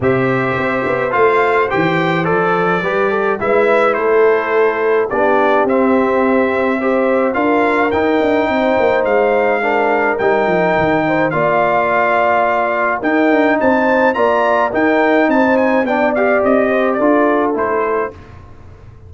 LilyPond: <<
  \new Staff \with { instrumentName = "trumpet" } { \time 4/4 \tempo 4 = 106 e''2 f''4 g''4 | d''2 e''4 c''4~ | c''4 d''4 e''2~ | e''4 f''4 g''2 |
f''2 g''2 | f''2. g''4 | a''4 ais''4 g''4 a''8 gis''8 | g''8 f''8 dis''4 d''4 c''4 | }
  \new Staff \with { instrumentName = "horn" } { \time 4/4 c''1~ | c''4 b'8 a'8 b'4 a'4~ | a'4 g'2. | c''4 ais'2 c''4~ |
c''4 ais'2~ ais'8 c''8 | d''2. ais'4 | c''4 d''4 ais'4 c''4 | d''4. c''8 a'2 | }
  \new Staff \with { instrumentName = "trombone" } { \time 4/4 g'2 f'4 g'4 | a'4 g'4 e'2~ | e'4 d'4 c'2 | g'4 f'4 dis'2~ |
dis'4 d'4 dis'2 | f'2. dis'4~ | dis'4 f'4 dis'2 | d'8 g'4. f'4 e'4 | }
  \new Staff \with { instrumentName = "tuba" } { \time 4/4 c4 c'8 b8 a4 e4 | f4 g4 gis4 a4~ | a4 b4 c'2~ | c'4 d'4 dis'8 d'8 c'8 ais8 |
gis2 g8 f8 dis4 | ais2. dis'8 d'8 | c'4 ais4 dis'4 c'4 | b4 c'4 d'4 a4 | }
>>